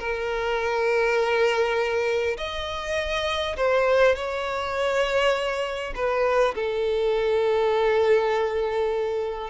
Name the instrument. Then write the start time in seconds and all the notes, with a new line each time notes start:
violin
0.00 A#4
2.38 D#5
3.57 C5
4.16 C#5
5.96 B4
6.56 A4